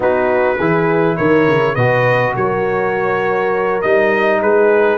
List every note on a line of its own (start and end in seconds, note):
0.00 0.57 B3
0.00 0.57 D#4
0.00 0.57 F#4
0.00 1.16 B4
0.57 1.18 E3
0.57 1.77 E4
0.57 1.16 G#4
1.16 1.47 D#3
1.16 1.74 A#4
1.16 1.75 C#5
1.47 1.76 C#3
1.74 2.34 B2
1.74 3.82 F#4
1.74 2.33 B4
1.74 2.34 D#5
2.35 3.83 F#3
2.35 4.41 A#4
2.35 3.81 C#5
3.81 4.41 G3
3.81 4.98 D#4
3.81 4.40 D#5
4.41 4.98 G#3
4.41 4.98 G#4
4.41 4.98 B4